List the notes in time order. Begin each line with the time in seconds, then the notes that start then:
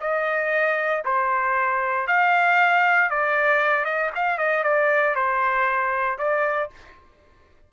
0.00 D#5
1.04 C5
2.07 F5
3.10 D5
3.84 D#5
4.15 F5
4.38 D#5
4.63 D5
5.15 C5
6.18 D5